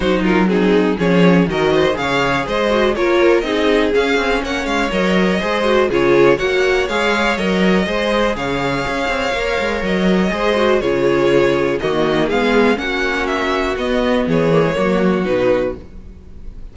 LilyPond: <<
  \new Staff \with { instrumentName = "violin" } { \time 4/4 \tempo 4 = 122 c''8 ais'8 gis'4 cis''4 dis''4 | f''4 dis''4 cis''4 dis''4 | f''4 fis''8 f''8 dis''2 | cis''4 fis''4 f''4 dis''4~ |
dis''4 f''2. | dis''2 cis''2 | dis''4 f''4 fis''4 e''4 | dis''4 cis''2 b'4 | }
  \new Staff \with { instrumentName = "violin" } { \time 4/4 fis'8 f'8 dis'4 gis'4 ais'8 c''8 | cis''4 c''4 ais'4 gis'4~ | gis'4 cis''2 c''4 | gis'4 cis''2. |
c''4 cis''2.~ | cis''4 c''4 gis'2 | fis'4 gis'4 fis'2~ | fis'4 gis'4 fis'2 | }
  \new Staff \with { instrumentName = "viola" } { \time 4/4 dis'4 c'4 cis'4 fis'4 | gis'4. fis'8 f'4 dis'4 | cis'2 ais'4 gis'8 fis'8 | f'4 fis'4 gis'4 ais'4 |
gis'2. ais'4~ | ais'4 gis'8 fis'8 f'2 | ais4 b4 cis'2 | b4. ais16 gis16 ais4 dis'4 | }
  \new Staff \with { instrumentName = "cello" } { \time 4/4 fis2 f4 dis4 | cis4 gis4 ais4 c'4 | cis'8 c'8 ais8 gis8 fis4 gis4 | cis4 ais4 gis4 fis4 |
gis4 cis4 cis'8 c'8 ais8 gis8 | fis4 gis4 cis2 | dis4 gis4 ais2 | b4 e4 fis4 b,4 | }
>>